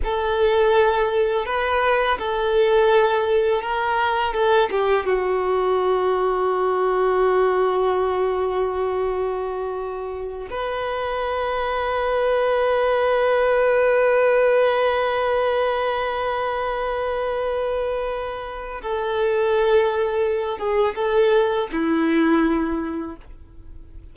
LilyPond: \new Staff \with { instrumentName = "violin" } { \time 4/4 \tempo 4 = 83 a'2 b'4 a'4~ | a'4 ais'4 a'8 g'8 fis'4~ | fis'1~ | fis'2~ fis'8 b'4.~ |
b'1~ | b'1~ | b'2 a'2~ | a'8 gis'8 a'4 e'2 | }